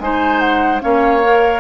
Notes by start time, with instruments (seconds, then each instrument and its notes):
0.00 bassoon G#3, clarinet D#4, oboe C5, flute G#5
0.39 flute F#5
0.80 bassoon A#3, clarinet C#4, oboe C#5, flute F5
1.22 clarinet A#4